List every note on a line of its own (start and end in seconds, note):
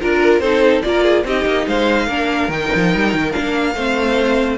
0.00 0.41 D4
0.00 0.42 F4
0.00 0.40 A#4
0.00 0.42 A#4
0.40 0.82 C4
0.40 0.83 D#4
0.40 0.84 A4
0.40 0.81 C5
0.82 1.24 A#3
0.82 1.25 F4
0.82 1.04 A#4
0.82 1.24 D5
1.04 1.24 G#4
1.24 1.45 C4
1.24 2.09 D#4
1.24 1.68 G4
1.24 1.68 D#5
1.45 1.66 A#3
1.67 2.07 G#3
1.67 2.06 C5
1.67 2.51 F5
2.06 2.48 A#3
2.06 2.51 D4
2.06 3.73 A#4
2.48 2.69 D#3
2.48 3.32 D#4
2.48 3.32 G5
2.75 2.95 F3
2.95 3.14 G3
3.14 3.34 D#3
3.32 3.75 A#3
3.32 3.74 D4
3.32 4.57 F5
3.75 4.58 A3
3.75 4.58 C4
3.75 4.58 C5